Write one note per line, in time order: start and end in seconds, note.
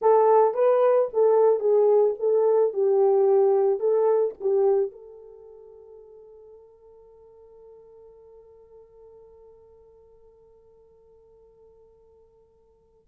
0.01 0.54 A4
0.54 1.08 B4
1.13 1.59 A4
1.59 2.14 G#4
2.19 2.73 A4
2.73 3.79 G4
3.79 4.34 A4
4.40 4.91 G4
4.91 13.08 A4